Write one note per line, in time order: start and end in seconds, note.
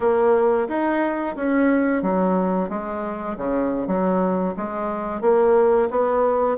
0.00 0.67 A#3
0.68 1.35 D#4
1.36 2.02 C#4
2.02 2.69 F#3
2.69 3.36 G#3
3.37 3.87 C#3
3.87 4.54 F#3
4.56 5.21 G#3
5.21 5.88 A#3
5.90 6.57 B3